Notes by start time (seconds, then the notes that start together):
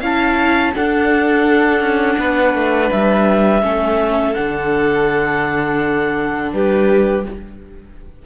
0.00 C#4 E4 F5 A5
0.75 D4 A4 F#5
1.81 C#4
2.18 B3 B4
2.55 A3
2.92 G3 E5
3.62 A3 C#4 A4
4.34 D3 D4 F#5
6.53 G3 G4 B4